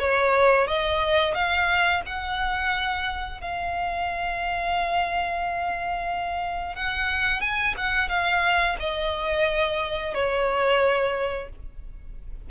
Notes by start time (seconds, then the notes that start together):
0.00 C#5
0.68 D#5
1.35 F5
2.06 F#5
3.41 F5
6.76 F#5
7.41 G#5
7.77 F#5
8.09 F5
8.80 D#5
10.15 C#5